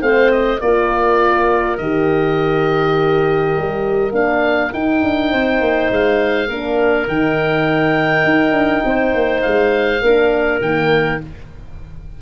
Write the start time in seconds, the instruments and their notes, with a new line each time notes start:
0.00 tuba A3, horn C4, clarinet C5, oboe F5
0.32 oboe D#5
0.60 tuba A#3, horn F4, clarinet A#4, oboe D5
1.78 tuba D#3, horn G4, oboe D#5
3.57 tuba G3
4.12 tuba A#3, horn D4, oboe F5
4.73 horn D#4, tuba D#4, oboe G5
5.04 tuba D4
5.31 tuba C4, clarinet C5
5.61 tuba A#3
5.91 tuba G#3, oboe F5
6.48 tuba A#3, horn D4, clarinet A#4
7.07 tuba D#3, horn D#4, oboe G5
8.24 tuba D#4
8.52 tuba D4
8.85 tuba C4, clarinet C5
9.14 tuba A#3
9.42 tuba G#3, oboe F5
10.01 tuba A#3, horn D4, clarinet A#4
10.61 tuba D#3, horn A#3, oboe G5